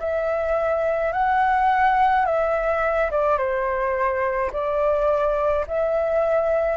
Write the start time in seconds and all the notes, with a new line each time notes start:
0.00 E5
1.13 F#5
2.26 E5
3.11 D5
3.38 C5
4.53 D5
5.68 E5